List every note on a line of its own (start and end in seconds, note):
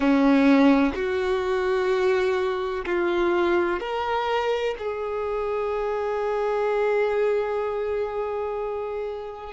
0.00 0.93 C#4
0.94 2.85 F#4
2.85 3.80 F4
3.80 4.75 A#4
4.78 9.53 G#4